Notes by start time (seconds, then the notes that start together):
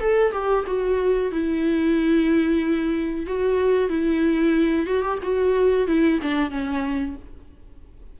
0.00 A4
0.32 G4
0.67 F#4
1.32 E4
3.26 F#4
3.90 E4
4.86 F#4
5.02 G4
5.23 F#4
5.87 E4
6.22 D4
6.51 C#4